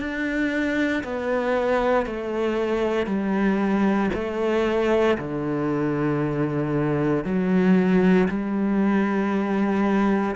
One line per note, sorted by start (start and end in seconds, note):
0.00 1.03 D4
1.04 2.06 B3
2.06 3.07 A3
3.07 4.11 G3
4.14 5.18 A3
5.19 7.25 D3
7.25 8.29 F#3
8.29 10.35 G3